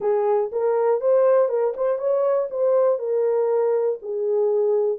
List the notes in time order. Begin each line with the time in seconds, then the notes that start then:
0.00 G#4
0.52 A#4
1.00 C5
1.48 A#4
1.76 C5
1.98 C#5
2.50 C5
2.98 A#4
4.02 G#4